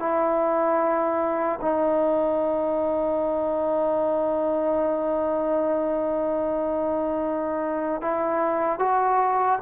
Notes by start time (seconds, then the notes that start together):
0.00 E4
1.62 D#4
8.02 E4
8.79 F#4